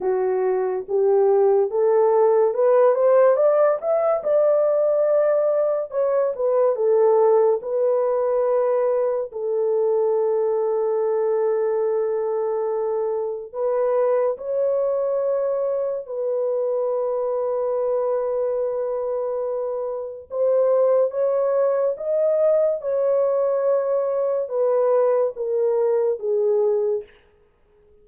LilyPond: \new Staff \with { instrumentName = "horn" } { \time 4/4 \tempo 4 = 71 fis'4 g'4 a'4 b'8 c''8 | d''8 e''8 d''2 cis''8 b'8 | a'4 b'2 a'4~ | a'1 |
b'4 cis''2 b'4~ | b'1 | c''4 cis''4 dis''4 cis''4~ | cis''4 b'4 ais'4 gis'4 | }